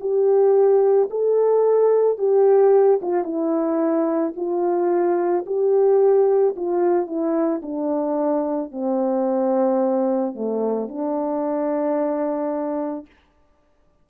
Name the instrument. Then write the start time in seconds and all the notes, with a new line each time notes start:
horn
0.00 G4
1.10 A4
2.18 G4
3.01 F4
3.23 E4
4.36 F4
5.46 G4
6.56 F4
7.07 E4
7.62 D4
8.71 C4
10.35 A3
10.88 D4